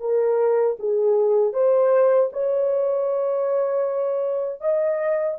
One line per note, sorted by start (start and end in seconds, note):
0.00 0.77 A#4
0.79 1.53 G#4
1.53 2.30 C5
2.32 4.61 C#5
4.61 5.38 D#5